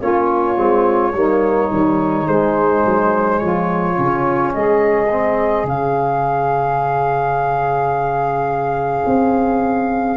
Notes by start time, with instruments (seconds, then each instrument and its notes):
0.00 tuba A#3, trombone C#4, saxophone F4, flute C#5
0.56 tuba G#3, trombone C4
1.14 tuba G3, trombone A#3, saxophone D#4
1.70 tuba D#3, trombone G3
2.27 tuba G#3, trombone G#3, flute C5
2.85 tuba F#3
3.39 tuba F3, saxophone F4, flute C#5
3.95 tuba C#3, trombone C#4
4.54 tuba G#3, saxophone G#4, flute D#5
5.11 trombone C4
5.64 tuba C#3, trombone C#4, flute F5
9.06 tuba C4